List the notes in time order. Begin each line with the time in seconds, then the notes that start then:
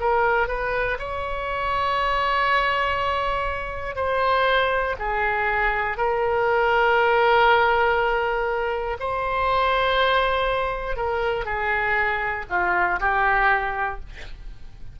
0.00 A#4
0.47 B4
0.99 C#5
3.95 C5
4.99 G#4
5.97 A#4
8.99 C5
10.96 A#4
11.45 G#4
12.49 F4
13.00 G4